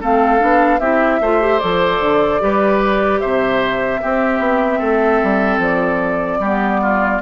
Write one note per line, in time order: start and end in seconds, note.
0.00 0.41 A3
0.00 0.39 C4
0.00 0.80 A4
0.00 0.80 F5
0.39 0.80 B3
0.39 0.79 D4
0.80 1.20 C4
0.80 1.21 E4
0.80 1.20 G4
0.80 1.59 E5
1.20 1.60 A3
1.20 1.40 F4
1.20 2.41 C5
1.40 1.60 G4
1.59 2.00 F3
1.59 2.40 A4
1.59 3.19 D5
2.00 2.40 D3
2.40 3.22 G3
2.40 4.00 G4
2.40 3.20 B4
3.19 4.03 C3
3.19 4.00 C5
3.19 5.59 E5
4.02 6.42 C4
4.02 4.39 C4
4.02 4.79 G4
4.39 4.79 B3
4.79 5.21 A3
4.79 6.39 A4
5.23 5.58 G3
5.58 6.38 F3
5.58 7.22 D5
6.39 7.19 G3
6.39 7.22 B3
6.39 6.80 G4
6.82 7.22 F4